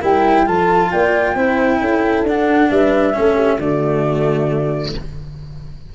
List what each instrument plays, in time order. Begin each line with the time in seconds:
0.00 tuba G3, cello E4, horn A#4, flute G5
0.45 tuba F3, cello F4, horn A4, flute A5
0.91 tuba A#3, horn D5, flute G5
1.35 tuba C4, cello E4, horn C5
1.81 tuba C#4, horn A4
2.24 tuba D4, cello D4, flute F#5
2.70 tuba G3, horn B4, flute E5
3.14 tuba A3, cello C#4, horn A4
3.35 horn G4
3.58 tuba D3, cello A3, horn F#4, flute D5